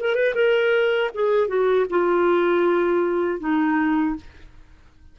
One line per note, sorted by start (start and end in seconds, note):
0.00 0.16 A#4
0.16 0.34 B4
0.35 1.11 A#4
1.15 1.48 G#4
1.48 1.86 F#4
1.90 3.40 F4
3.40 4.16 D#4